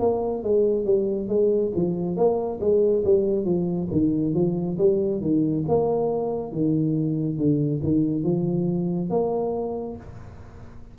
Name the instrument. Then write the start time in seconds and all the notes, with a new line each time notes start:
tuba
0.00 A#3
0.43 G#3
0.85 G3
1.29 G#3
1.75 F3
2.17 A#3
2.60 G#3
3.05 G3
3.45 F3
3.92 D#3
4.34 F3
4.78 G3
5.21 D#3
5.68 A#3
6.52 D#3
7.38 D3
7.83 D#3
8.23 F3
9.10 A#3